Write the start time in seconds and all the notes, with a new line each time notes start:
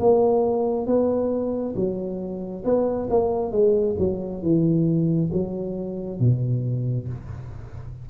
0.00 A#3
0.87 B3
1.76 F#3
2.65 B3
3.10 A#3
3.52 G#3
3.99 F#3
4.43 E3
5.33 F#3
6.20 B2